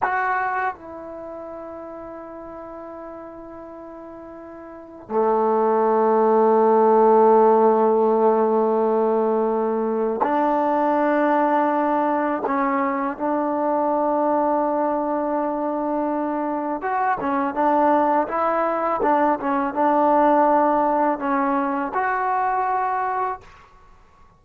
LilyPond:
\new Staff \with { instrumentName = "trombone" } { \time 4/4 \tempo 4 = 82 fis'4 e'2.~ | e'2. a4~ | a1~ | a2 d'2~ |
d'4 cis'4 d'2~ | d'2. fis'8 cis'8 | d'4 e'4 d'8 cis'8 d'4~ | d'4 cis'4 fis'2 | }